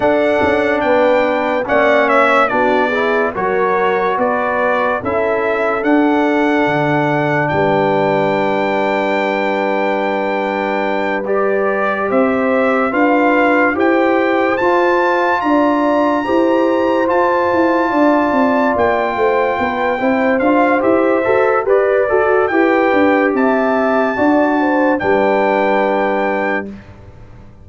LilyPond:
<<
  \new Staff \with { instrumentName = "trumpet" } { \time 4/4 \tempo 4 = 72 fis''4 g''4 fis''8 e''8 d''4 | cis''4 d''4 e''4 fis''4~ | fis''4 g''2.~ | g''4. d''4 e''4 f''8~ |
f''8 g''4 a''4 ais''4.~ | ais''8 a''2 g''4.~ | g''8 f''8 e''4 d''4 g''4 | a''2 g''2 | }
  \new Staff \with { instrumentName = "horn" } { \time 4/4 a'4 b'4 d''8 cis''8 fis'8 gis'8 | ais'4 b'4 a'2~ | a'4 b'2.~ | b'2~ b'8 c''4 b'8~ |
b'8 c''2 d''4 c''8~ | c''4. d''4. c''8 b'8 | c''2 b'8 fis'8 b'4 | e''4 d''8 c''8 b'2 | }
  \new Staff \with { instrumentName = "trombone" } { \time 4/4 d'2 cis'4 d'8 e'8 | fis'2 e'4 d'4~ | d'1~ | d'4. g'2 f'8~ |
f'8 g'4 f'2 g'8~ | g'8 f'2.~ f'8 | e'8 f'8 g'8 a'8 b'8 a'8 g'4~ | g'4 fis'4 d'2 | }
  \new Staff \with { instrumentName = "tuba" } { \time 4/4 d'8 cis'8 b4 ais4 b4 | fis4 b4 cis'4 d'4 | d4 g2.~ | g2~ g8 c'4 d'8~ |
d'8 e'4 f'4 d'4 e'8~ | e'8 f'8 e'8 d'8 c'8 ais8 a8 b8 | c'8 d'8 e'8 fis'8 g'8 fis'8 e'8 d'8 | c'4 d'4 g2 | }
>>